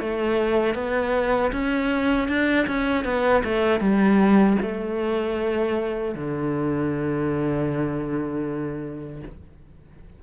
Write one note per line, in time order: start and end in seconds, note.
0.00 0.74 A3
0.74 1.51 B3
1.52 2.28 C#4
2.28 2.67 D4
2.67 3.05 C#4
3.05 3.43 B3
3.44 3.80 A3
3.80 4.57 G3
4.62 6.15 A3
6.15 9.22 D3